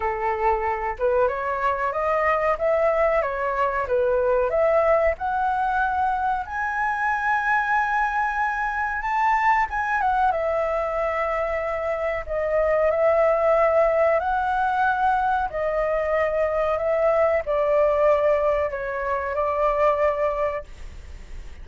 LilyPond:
\new Staff \with { instrumentName = "flute" } { \time 4/4 \tempo 4 = 93 a'4. b'8 cis''4 dis''4 | e''4 cis''4 b'4 e''4 | fis''2 gis''2~ | gis''2 a''4 gis''8 fis''8 |
e''2. dis''4 | e''2 fis''2 | dis''2 e''4 d''4~ | d''4 cis''4 d''2 | }